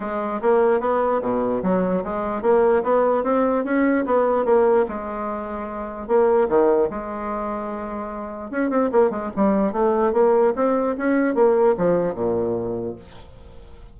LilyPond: \new Staff \with { instrumentName = "bassoon" } { \time 4/4 \tempo 4 = 148 gis4 ais4 b4 b,4 | fis4 gis4 ais4 b4 | c'4 cis'4 b4 ais4 | gis2. ais4 |
dis4 gis2.~ | gis4 cis'8 c'8 ais8 gis8 g4 | a4 ais4 c'4 cis'4 | ais4 f4 ais,2 | }